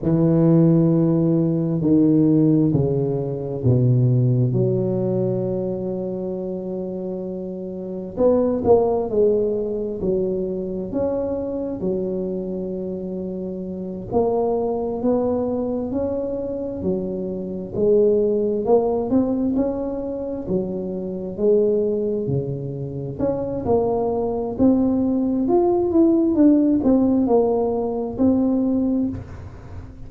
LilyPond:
\new Staff \with { instrumentName = "tuba" } { \time 4/4 \tempo 4 = 66 e2 dis4 cis4 | b,4 fis2.~ | fis4 b8 ais8 gis4 fis4 | cis'4 fis2~ fis8 ais8~ |
ais8 b4 cis'4 fis4 gis8~ | gis8 ais8 c'8 cis'4 fis4 gis8~ | gis8 cis4 cis'8 ais4 c'4 | f'8 e'8 d'8 c'8 ais4 c'4 | }